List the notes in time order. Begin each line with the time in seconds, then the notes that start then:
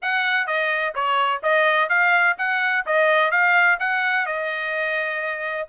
0.02 F#5
0.46 D#5
0.94 C#5
1.43 D#5
1.89 F5
2.38 F#5
2.86 D#5
3.31 F5
3.79 F#5
4.25 D#5